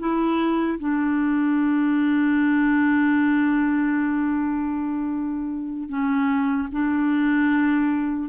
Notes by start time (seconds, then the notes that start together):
0.00 E4
0.80 D4
5.90 C#4
6.72 D4